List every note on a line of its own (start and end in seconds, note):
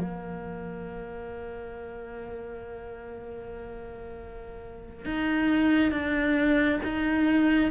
0.00 5.06 A#3
5.06 5.92 D#4
5.92 6.80 D4
6.84 7.72 D#4